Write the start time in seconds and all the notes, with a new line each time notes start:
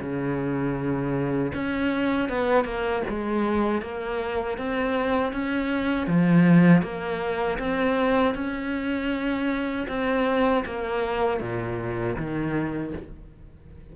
0.00 C#3
1.54 C#4
2.29 B3
2.64 A#3
3.09 G#3
3.81 A#3
4.57 C4
5.32 C#4
6.07 F3
6.82 A#3
7.58 C4
8.34 C#4
9.88 C4
10.65 A#3
11.40 A#2
12.16 D#3